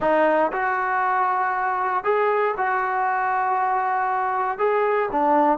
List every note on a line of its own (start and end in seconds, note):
0.00 0.51 D#4
0.52 2.04 F#4
2.04 2.54 G#4
2.57 4.58 F#4
4.58 5.09 G#4
5.11 5.58 D4